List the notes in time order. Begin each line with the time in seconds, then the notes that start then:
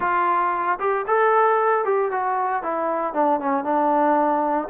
0.00 F4
0.79 G4
1.07 A4
1.85 G4
2.11 F#4
2.63 E4
3.13 D4
3.39 C#4
3.64 D4